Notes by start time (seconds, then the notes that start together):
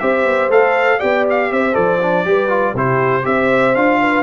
0.00 C4 G4 C5 E5
0.25 B3
0.49 A3 A4 F5
0.98 B3 G4 D5 G5
1.30 F5
1.51 C4 C5 E5
1.73 F3 A4 D5
2.02 D4
2.25 G3 G4 B4
2.49 F4
2.74 C3 E4 G4 C5
3.23 C4 G4 C5 E5
3.76 D4 F4 F5
4.01 B4